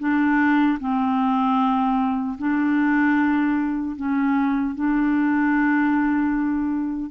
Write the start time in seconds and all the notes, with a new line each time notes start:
0.00 D4
0.80 C4
2.39 D4
3.97 C#4
4.75 D4